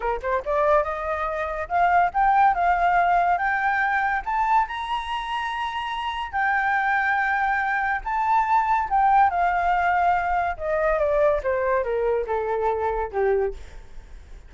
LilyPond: \new Staff \with { instrumentName = "flute" } { \time 4/4 \tempo 4 = 142 ais'8 c''8 d''4 dis''2 | f''4 g''4 f''2 | g''2 a''4 ais''4~ | ais''2. g''4~ |
g''2. a''4~ | a''4 g''4 f''2~ | f''4 dis''4 d''4 c''4 | ais'4 a'2 g'4 | }